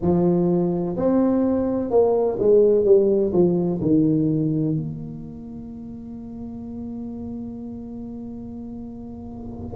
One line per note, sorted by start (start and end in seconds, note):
0.01 0.96 F3
0.96 1.90 C4
1.90 2.38 A#3
2.39 2.84 G#3
2.84 3.32 G3
3.32 3.80 F3
3.81 4.76 D#3
4.76 9.76 A#3